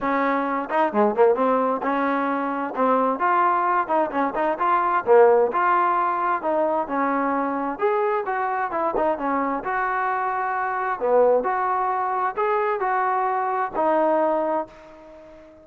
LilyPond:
\new Staff \with { instrumentName = "trombone" } { \time 4/4 \tempo 4 = 131 cis'4. dis'8 gis8 ais8 c'4 | cis'2 c'4 f'4~ | f'8 dis'8 cis'8 dis'8 f'4 ais4 | f'2 dis'4 cis'4~ |
cis'4 gis'4 fis'4 e'8 dis'8 | cis'4 fis'2. | b4 fis'2 gis'4 | fis'2 dis'2 | }